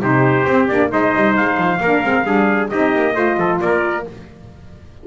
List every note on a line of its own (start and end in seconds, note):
0.00 0.45 C3
0.00 0.47 D#4
0.00 0.91 G4
0.00 0.68 C5
0.47 0.69 C4
0.47 0.70 C4
0.68 0.92 A#3
0.68 0.90 D4
0.68 0.90 D5
0.90 1.15 G#3
0.90 1.79 D#4
0.90 1.81 C5
0.90 1.36 D#5
1.15 1.38 G3
1.36 1.57 G#3
1.36 2.69 F5
1.57 1.79 F3
1.81 2.03 A#3
1.81 2.05 D4
1.81 2.26 A#4
2.04 2.25 G#3
2.04 2.24 C4
2.24 2.69 G3
2.24 2.69 D4
2.24 2.70 G#4
2.69 2.95 C4
2.69 3.14 D#4
2.69 3.15 G4
2.69 3.59 D#5
2.95 3.15 A#3
3.14 3.37 A3
3.14 4.03 F4
3.14 3.37 C5
3.37 3.60 F3
3.37 3.61 A4
3.60 4.06 A#3
3.60 4.07 A#4
3.60 4.05 D5